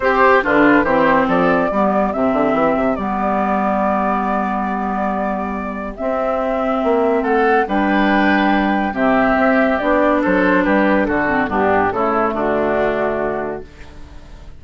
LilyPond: <<
  \new Staff \with { instrumentName = "flute" } { \time 4/4 \tempo 4 = 141 c''4 b'4 c''4 d''4~ | d''4 e''2 d''4~ | d''1~ | d''2 e''2~ |
e''4 fis''4 g''2~ | g''4 e''2 d''4 | c''4 b'4 a'4 g'4 | a'4 fis'2. | }
  \new Staff \with { instrumentName = "oboe" } { \time 4/4 g'4 f'4 g'4 a'4 | g'1~ | g'1~ | g'1~ |
g'4 a'4 b'2~ | b'4 g'2. | a'4 g'4 fis'4 d'4 | e'4 d'2. | }
  \new Staff \with { instrumentName = "clarinet" } { \time 4/4 g'4 d'4 c'2 | b4 c'2 b4~ | b1~ | b2 c'2~ |
c'2 d'2~ | d'4 c'2 d'4~ | d'2~ d'8 c'8 b4 | a1 | }
  \new Staff \with { instrumentName = "bassoon" } { \time 4/4 c'4 d4 e4 f4 | g4 c8 d8 e8 c8 g4~ | g1~ | g2 c'2 |
ais4 a4 g2~ | g4 c4 c'4 b4 | fis4 g4 d4 g,4 | cis4 d2. | }
>>